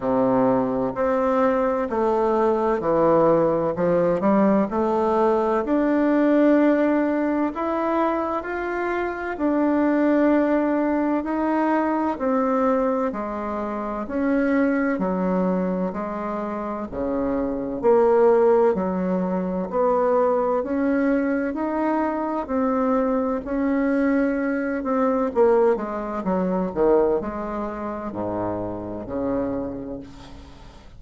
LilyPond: \new Staff \with { instrumentName = "bassoon" } { \time 4/4 \tempo 4 = 64 c4 c'4 a4 e4 | f8 g8 a4 d'2 | e'4 f'4 d'2 | dis'4 c'4 gis4 cis'4 |
fis4 gis4 cis4 ais4 | fis4 b4 cis'4 dis'4 | c'4 cis'4. c'8 ais8 gis8 | fis8 dis8 gis4 gis,4 cis4 | }